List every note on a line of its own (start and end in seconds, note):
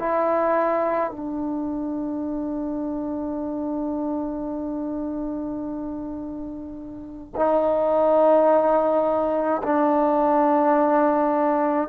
0.00 1.11 E4
1.11 7.34 D4
7.36 9.62 D#4
9.63 11.89 D4